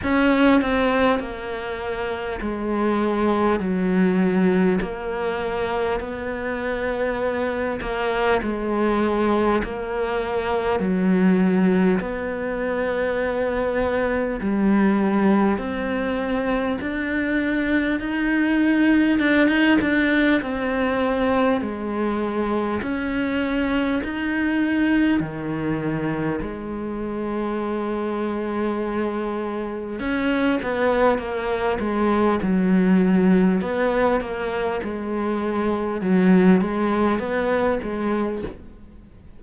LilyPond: \new Staff \with { instrumentName = "cello" } { \time 4/4 \tempo 4 = 50 cis'8 c'8 ais4 gis4 fis4 | ais4 b4. ais8 gis4 | ais4 fis4 b2 | g4 c'4 d'4 dis'4 |
d'16 dis'16 d'8 c'4 gis4 cis'4 | dis'4 dis4 gis2~ | gis4 cis'8 b8 ais8 gis8 fis4 | b8 ais8 gis4 fis8 gis8 b8 gis8 | }